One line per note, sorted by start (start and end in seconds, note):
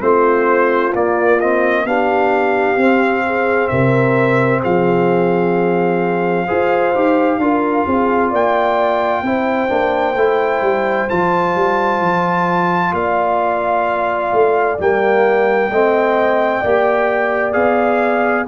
0.00 0.94 A3
0.00 0.92 C4
0.00 1.87 F4
0.00 0.93 C5
0.93 1.40 A#3
0.93 1.85 A#3
0.93 1.41 D5
1.41 1.87 C4
1.41 1.87 D#5
1.85 2.76 B3
1.85 2.78 D4
1.85 3.26 G4
1.85 3.68 F5
2.76 3.69 C4
2.76 6.47 C4
3.26 3.71 G#4
3.68 4.64 C3
3.68 4.62 A#4
3.68 4.60 E5
4.62 6.49 F3
4.62 6.45 G#4
4.62 8.33 F5
6.45 6.95 F4
6.45 6.94 G#4
6.45 7.38 C5
6.95 7.38 D#4
6.95 7.41 G4
7.38 7.84 D4
7.38 9.25 F4
7.38 7.87 A#4
7.87 8.33 C4
7.87 8.30 G#4
8.30 9.23 A#3
8.30 9.22 D5
8.30 11.09 G5
9.23 9.69 C4
9.23 9.68 E4
9.23 12.94 C5
9.68 10.16 A#3
9.68 10.14 D4
10.16 10.62 A3
10.16 11.09 E4
10.62 11.08 G3
11.09 11.56 F3
11.09 14.78 F4
11.09 12.94 A5
11.56 12.01 G3
12.01 12.93 F3
12.93 14.31 A#3
12.93 15.70 D5
12.93 14.79 F5
14.33 14.79 A3
14.79 15.70 G3
14.79 15.71 A#3
14.79 17.53 G5
15.70 16.62 A3
15.70 16.64 C4
15.70 16.61 D#5
16.61 17.55 A#3
16.61 17.53 G4
16.61 18.46 D5
17.53 18.47 B3
17.53 18.45 G#4
17.53 18.46 F5